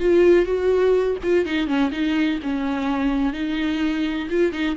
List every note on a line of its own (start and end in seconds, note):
0.00 0.45 F4
0.45 1.17 F#4
1.23 1.46 F4
1.46 1.67 D#4
1.67 1.91 C#4
1.92 2.39 D#4
2.43 3.33 C#4
3.33 4.28 D#4
4.30 4.52 F4
4.52 4.76 D#4